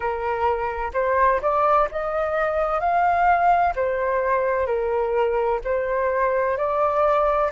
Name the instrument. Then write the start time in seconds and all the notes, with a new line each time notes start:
flute
0.00 A#4
0.93 C5
1.41 D5
1.91 D#5
2.80 F5
3.75 C5
4.66 A#4
5.64 C5
6.57 D5